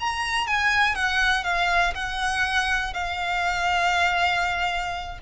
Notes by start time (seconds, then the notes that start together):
0.00 A#5
0.47 G#5
0.95 F#5
1.44 F5
1.95 F#5
2.94 F5